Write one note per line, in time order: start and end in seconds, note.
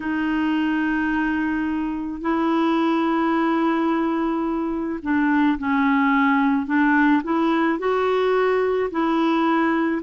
0.00 2.21 D#4
2.21 4.98 E4
5.02 5.58 D4
5.58 6.66 C#4
6.66 7.22 D4
7.23 7.78 E4
7.78 8.89 F#4
8.90 10.02 E4